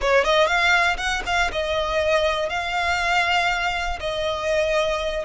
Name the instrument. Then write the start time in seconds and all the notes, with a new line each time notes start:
violin
0.01 C#5
0.24 D#5
0.46 F5
0.97 F#5
1.25 F5
1.52 D#5
2.49 F5
4.00 D#5